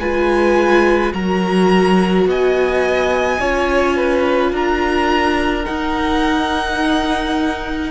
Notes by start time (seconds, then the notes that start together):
0.00 G#3 F4 B4 G#5
1.14 F#3 F#4 A#4 A#5
2.26 B3 D#5 G#5
3.40 C#4 F4 C#5
3.97 B4
4.52 D4 A#4 A#5
5.65 D#4 F#5